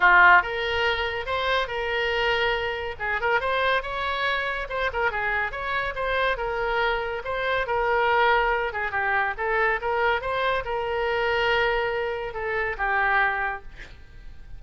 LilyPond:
\new Staff \with { instrumentName = "oboe" } { \time 4/4 \tempo 4 = 141 f'4 ais'2 c''4 | ais'2. gis'8 ais'8 | c''4 cis''2 c''8 ais'8 | gis'4 cis''4 c''4 ais'4~ |
ais'4 c''4 ais'2~ | ais'8 gis'8 g'4 a'4 ais'4 | c''4 ais'2.~ | ais'4 a'4 g'2 | }